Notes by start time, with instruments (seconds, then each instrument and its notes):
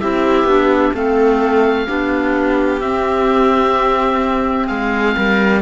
0.00 cello C4, clarinet E4, viola G4, oboe E5
0.44 cello B3, clarinet D4
0.94 cello A3, clarinet C4, viola A4, oboe F5
1.87 cello B3, clarinet D4, viola G4
2.80 cello C4, clarinet C4, oboe E5
4.67 cello G#3, viola G#4, oboe F5
5.16 cello G3, viola A#4